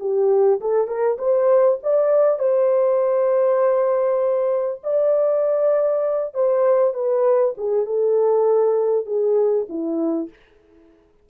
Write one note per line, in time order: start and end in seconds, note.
0.00 0.61 G4
0.61 0.88 A4
0.88 1.18 A#4
1.18 1.79 C5
1.83 2.40 D5
2.40 4.82 C5
4.84 6.34 D5
6.34 6.94 C5
6.94 7.55 B4
7.58 7.86 G#4
7.86 9.06 A4
9.06 9.67 G#4
9.69 10.30 E4